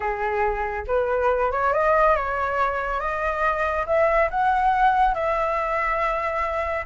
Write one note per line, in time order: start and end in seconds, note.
0.00 0.85 G#4
0.87 1.51 B4
1.51 1.73 C#5
1.73 2.16 D#5
2.16 2.99 C#5
2.99 3.85 D#5
3.86 4.29 E5
4.30 5.14 F#5
5.14 6.85 E5